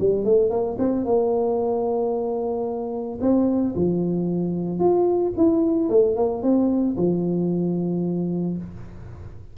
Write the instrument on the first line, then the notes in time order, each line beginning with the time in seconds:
tuba
0.00 G3
0.25 A3
0.50 A#3
0.79 C4
1.05 A#3
3.21 C4
3.75 F3
4.79 F4
5.37 E4
5.90 A3
6.16 A#3
6.43 C4
6.97 F3